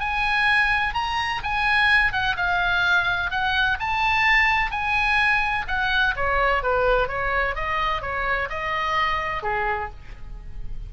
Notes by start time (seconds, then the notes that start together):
0.00 G#5
0.94 A#5
1.43 G#5
2.13 F#5
2.37 F5
3.31 F#5
3.80 A5
4.71 G#5
5.68 F#5
6.16 C#5
6.63 B4
7.08 C#5
7.56 D#5
8.02 C#5
8.50 D#5
9.43 G#4